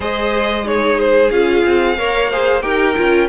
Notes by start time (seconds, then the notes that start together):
0.00 G#3 G#4 C5 D#5
0.64 D#4 G#4 C#5
0.99 C5
1.30 C#4 F4 F5
1.65 C4
1.97 A#3 A#4 C#5
2.30 G#4 C5
2.61 D#4 G4 A#4 G5
2.96 C#4 F4